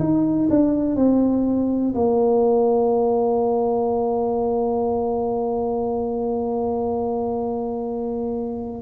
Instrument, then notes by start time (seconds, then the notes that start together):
tuba
0.00 D#4
0.50 D4
0.96 C4
1.95 A#3